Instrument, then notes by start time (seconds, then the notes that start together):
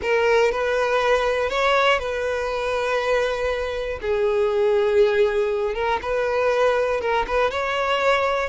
violin
0.02 A#4
0.51 B4
1.49 C#5
1.99 B4
4.01 G#4
5.74 A#4
6.02 B4
7.00 A#4
7.27 B4
7.50 C#5